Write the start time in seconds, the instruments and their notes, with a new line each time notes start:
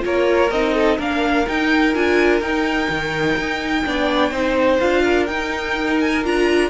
0.00 cello A#3, viola F4, violin A#4 C#5
0.51 cello C4, viola D#4, violin D#5
0.74 violin A4
0.98 cello A#3, viola D4, violin A#4 F5
1.47 viola D#4, cello D#4, violin G5
1.94 cello D4, viola F4, violin G#5
2.41 cello D#4, viola D#4, violin G5
2.89 cello D#3
3.37 cello D#4
3.85 cello B3, viola D4, violin D5
4.31 cello C4, viola D#4, violin C5
4.79 cello D4, viola F4, violin F5
5.03 violin A#4
5.26 cello D#4, viola D#4, violin G5
6.01 violin G#5
6.24 cello D4, viola F4, violin A#5